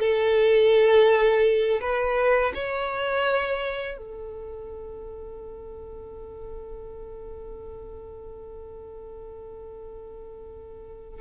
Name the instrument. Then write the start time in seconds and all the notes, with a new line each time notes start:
violin
0.00 A4
1.81 B4
2.55 C#5
3.98 A4